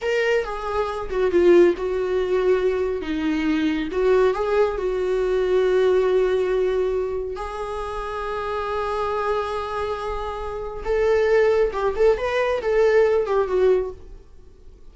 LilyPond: \new Staff \with { instrumentName = "viola" } { \time 4/4 \tempo 4 = 138 ais'4 gis'4. fis'8 f'4 | fis'2. dis'4~ | dis'4 fis'4 gis'4 fis'4~ | fis'1~ |
fis'4 gis'2.~ | gis'1~ | gis'4 a'2 g'8 a'8 | b'4 a'4. g'8 fis'4 | }